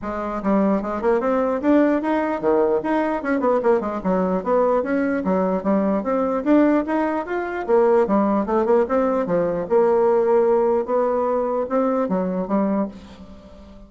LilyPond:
\new Staff \with { instrumentName = "bassoon" } { \time 4/4 \tempo 4 = 149 gis4 g4 gis8 ais8 c'4 | d'4 dis'4 dis4 dis'4 | cis'8 b8 ais8 gis8 fis4 b4 | cis'4 fis4 g4 c'4 |
d'4 dis'4 f'4 ais4 | g4 a8 ais8 c'4 f4 | ais2. b4~ | b4 c'4 fis4 g4 | }